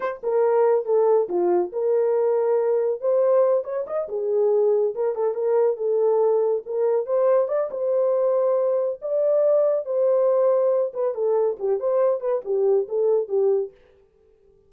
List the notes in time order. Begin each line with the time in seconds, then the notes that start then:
0.00 C5
0.23 A#4
0.85 A4
1.28 F4
1.72 A#4
3.00 C5
3.64 C#5
3.86 D#5
4.08 G#4
4.94 A#4
5.15 A4
5.34 A#4
5.76 A4
6.65 A#4
7.06 C5
7.48 D5
7.70 C5
9.01 D5
9.85 C5
10.93 B4
11.14 A4
11.59 G4
11.79 C5
12.20 B4
12.44 G4
12.88 A4
13.28 G4